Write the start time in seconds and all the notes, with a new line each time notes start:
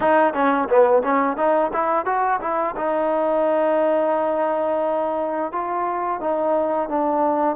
0.00 D#4
0.33 C#4
0.69 B3
1.03 C#4
1.36 D#4
1.73 E4
2.05 F#4
2.40 E4
2.76 D#4
5.52 F4
6.20 D#4
6.88 D4